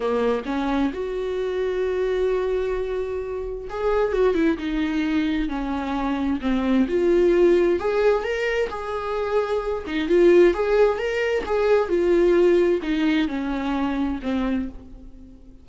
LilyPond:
\new Staff \with { instrumentName = "viola" } { \time 4/4 \tempo 4 = 131 ais4 cis'4 fis'2~ | fis'1 | gis'4 fis'8 e'8 dis'2 | cis'2 c'4 f'4~ |
f'4 gis'4 ais'4 gis'4~ | gis'4. dis'8 f'4 gis'4 | ais'4 gis'4 f'2 | dis'4 cis'2 c'4 | }